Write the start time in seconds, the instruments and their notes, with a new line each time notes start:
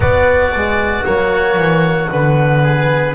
0.00 trombone B3, double bass B3, oboe F#4 D5
0.55 trombone G#3
1.04 double bass F#3, trombone A#3, oboe C#5
1.57 double bass E3
2.10 double bass D3, trombone B3, oboe B4
2.62 oboe G#4